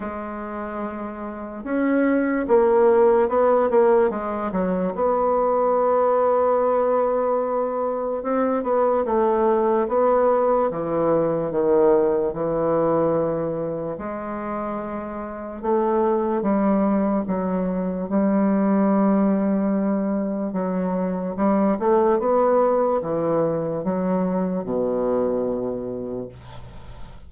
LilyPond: \new Staff \with { instrumentName = "bassoon" } { \time 4/4 \tempo 4 = 73 gis2 cis'4 ais4 | b8 ais8 gis8 fis8 b2~ | b2 c'8 b8 a4 | b4 e4 dis4 e4~ |
e4 gis2 a4 | g4 fis4 g2~ | g4 fis4 g8 a8 b4 | e4 fis4 b,2 | }